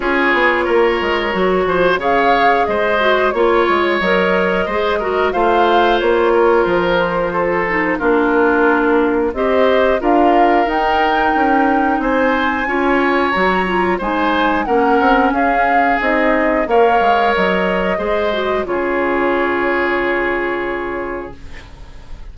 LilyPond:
<<
  \new Staff \with { instrumentName = "flute" } { \time 4/4 \tempo 4 = 90 cis''2. f''4 | dis''4 cis''4 dis''2 | f''4 cis''4 c''2 | ais'2 dis''4 f''4 |
g''2 gis''2 | ais''4 gis''4 fis''4 f''4 | dis''4 f''4 dis''2 | cis''1 | }
  \new Staff \with { instrumentName = "oboe" } { \time 4/4 gis'4 ais'4. c''8 cis''4 | c''4 cis''2 c''8 ais'8 | c''4. ais'4. a'4 | f'2 c''4 ais'4~ |
ais'2 c''4 cis''4~ | cis''4 c''4 ais'4 gis'4~ | gis'4 cis''2 c''4 | gis'1 | }
  \new Staff \with { instrumentName = "clarinet" } { \time 4/4 f'2 fis'4 gis'4~ | gis'8 fis'8 f'4 ais'4 gis'8 fis'8 | f'2.~ f'8 dis'8 | d'2 g'4 f'4 |
dis'2. f'4 | fis'8 f'8 dis'4 cis'2 | dis'4 ais'2 gis'8 fis'8 | f'1 | }
  \new Staff \with { instrumentName = "bassoon" } { \time 4/4 cis'8 b8 ais8 gis8 fis8 f8 cis4 | gis4 ais8 gis8 fis4 gis4 | a4 ais4 f2 | ais2 c'4 d'4 |
dis'4 cis'4 c'4 cis'4 | fis4 gis4 ais8 c'8 cis'4 | c'4 ais8 gis8 fis4 gis4 | cis1 | }
>>